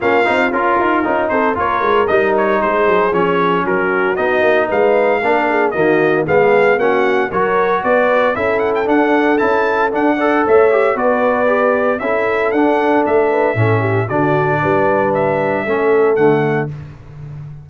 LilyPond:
<<
  \new Staff \with { instrumentName = "trumpet" } { \time 4/4 \tempo 4 = 115 f''4 ais'4. c''8 cis''4 | dis''8 cis''8 c''4 cis''4 ais'4 | dis''4 f''2 dis''4 | f''4 fis''4 cis''4 d''4 |
e''8 fis''16 g''16 fis''4 a''4 fis''4 | e''4 d''2 e''4 | fis''4 e''2 d''4~ | d''4 e''2 fis''4 | }
  \new Staff \with { instrumentName = "horn" } { \time 4/4 f'2~ f'8 a'8 ais'4~ | ais'4 gis'2 fis'4~ | fis'4 b'4 ais'8 gis'8 fis'4 | gis'4 fis'4 ais'4 b'4 |
a'2.~ a'8 d''8 | cis''4 b'2 a'4~ | a'4. b'8 a'8 g'8 fis'4 | b'2 a'2 | }
  \new Staff \with { instrumentName = "trombone" } { \time 4/4 cis'8 dis'8 f'4 dis'4 f'4 | dis'2 cis'2 | dis'2 d'4 ais4 | b4 cis'4 fis'2 |
e'4 d'4 e'4 d'8 a'8~ | a'8 g'8 fis'4 g'4 e'4 | d'2 cis'4 d'4~ | d'2 cis'4 a4 | }
  \new Staff \with { instrumentName = "tuba" } { \time 4/4 ais8 c'8 cis'8 dis'8 cis'8 c'8 ais8 gis8 | g4 gis8 fis8 f4 fis4 | b8 ais8 gis4 ais4 dis4 | gis4 ais4 fis4 b4 |
cis'4 d'4 cis'4 d'4 | a4 b2 cis'4 | d'4 a4 a,4 d4 | g2 a4 d4 | }
>>